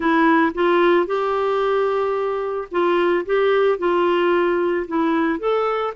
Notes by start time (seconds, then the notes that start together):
0.00 E4
0.54 F4
1.06 G4
2.71 F4
3.25 G4
3.78 F4
4.87 E4
5.39 A4